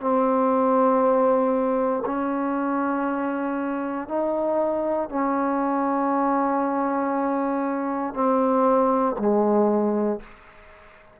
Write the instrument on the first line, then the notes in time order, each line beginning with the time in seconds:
trombone
0.00 C4
2.05 C#4
4.08 D#4
5.09 C#4
8.14 C4
9.18 G#3